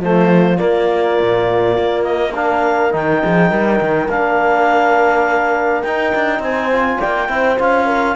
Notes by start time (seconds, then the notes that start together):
0.00 F3 A3 F4 C5
0.58 A#3 D5
1.21 A#2
1.79 A#3
2.04 D#5
2.34 D4 A#4 F5
2.91 D#3 D#4 G5
3.23 F3 G#4
3.50 G3 A#4
3.81 D#3
4.08 A#3 D4 F5
5.83 D#4 G5
6.15 D4
6.40 C4 C5 G#5
6.72 F4
6.99 A#3 D5 G5
7.28 C4 E4 C5
7.59 C#4 F4 F5
7.86 A#4